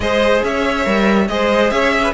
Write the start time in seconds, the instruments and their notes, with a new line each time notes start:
0.00 cello G#3, viola G#4, violin C5 D#5
0.43 cello C#4, violin C#5 E5
0.84 cello G3, viola A#4
1.27 cello G#3, viola G#4, violin C5 D#5
1.70 cello C#4, violin C#5 E5
1.92 violin E5
2.03 violin B4